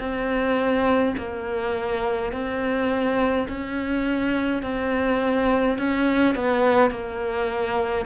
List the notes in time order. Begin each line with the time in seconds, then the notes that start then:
0.00 C4
1.18 A#3
2.32 C4
3.49 C#4
4.63 C4
5.78 C#4
6.35 B3
6.91 A#3